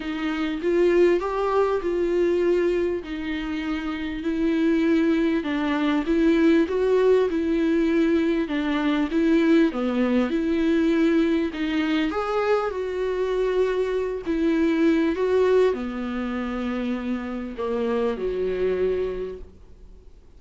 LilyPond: \new Staff \with { instrumentName = "viola" } { \time 4/4 \tempo 4 = 99 dis'4 f'4 g'4 f'4~ | f'4 dis'2 e'4~ | e'4 d'4 e'4 fis'4 | e'2 d'4 e'4 |
b4 e'2 dis'4 | gis'4 fis'2~ fis'8 e'8~ | e'4 fis'4 b2~ | b4 ais4 fis2 | }